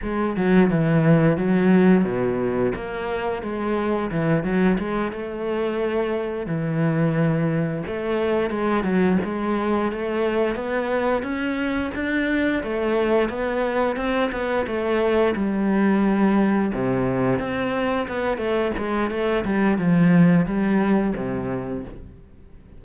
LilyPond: \new Staff \with { instrumentName = "cello" } { \time 4/4 \tempo 4 = 88 gis8 fis8 e4 fis4 b,4 | ais4 gis4 e8 fis8 gis8 a8~ | a4. e2 a8~ | a8 gis8 fis8 gis4 a4 b8~ |
b8 cis'4 d'4 a4 b8~ | b8 c'8 b8 a4 g4.~ | g8 c4 c'4 b8 a8 gis8 | a8 g8 f4 g4 c4 | }